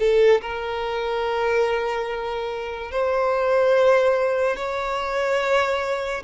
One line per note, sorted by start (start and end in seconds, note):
0.00 0.42 A4
0.42 2.92 A#4
2.92 4.57 C5
4.57 6.23 C#5